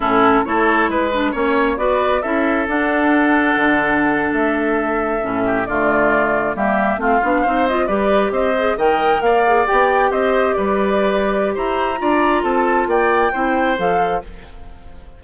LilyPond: <<
  \new Staff \with { instrumentName = "flute" } { \time 4/4 \tempo 4 = 135 a'4 cis''4 b'4 cis''4 | d''4 e''4 fis''2~ | fis''4.~ fis''16 e''2~ e''16~ | e''8. d''2 e''4 f''16~ |
f''4~ f''16 dis''8 d''4 dis''4 g''16~ | g''8. f''4 g''4 dis''4 d''16~ | d''2 ais''2 | a''4 g''2 f''4 | }
  \new Staff \with { instrumentName = "oboe" } { \time 4/4 e'4 a'4 b'4 cis''4 | b'4 a'2.~ | a'1~ | a'16 g'8 f'2 g'4 f'16~ |
f'8. c''4 b'4 c''4 dis''16~ | dis''8. d''2 c''4 b'16~ | b'2 c''4 d''4 | a'4 d''4 c''2 | }
  \new Staff \with { instrumentName = "clarinet" } { \time 4/4 cis'4 e'4. d'8 cis'4 | fis'4 e'4 d'2~ | d'2.~ d'8. cis'16~ | cis'8. a2 ais4 c'16~ |
c'16 d'8 dis'8 f'8 g'4. gis'8 ais'16~ | ais'4~ ais'16 gis'8 g'2~ g'16~ | g'2. f'4~ | f'2 e'4 a'4 | }
  \new Staff \with { instrumentName = "bassoon" } { \time 4/4 a,4 a4 gis4 ais4 | b4 cis'4 d'2 | d4.~ d16 a2 a,16~ | a,8. d2 g4 a16~ |
a16 b8 c'4 g4 c'4 dis16~ | dis8. ais4 b4 c'4 g16~ | g2 e'4 d'4 | c'4 ais4 c'4 f4 | }
>>